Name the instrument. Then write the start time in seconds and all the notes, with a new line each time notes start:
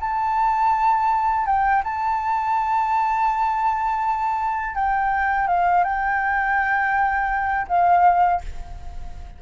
flute
0.00 A5
1.46 G5
1.84 A5
4.75 G5
5.47 F5
5.84 G5
7.68 F5